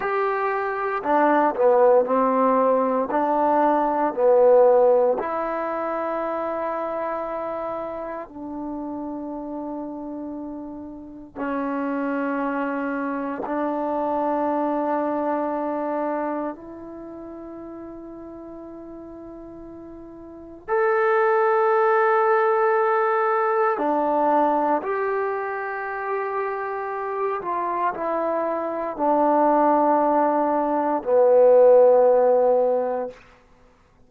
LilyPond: \new Staff \with { instrumentName = "trombone" } { \time 4/4 \tempo 4 = 58 g'4 d'8 b8 c'4 d'4 | b4 e'2. | d'2. cis'4~ | cis'4 d'2. |
e'1 | a'2. d'4 | g'2~ g'8 f'8 e'4 | d'2 b2 | }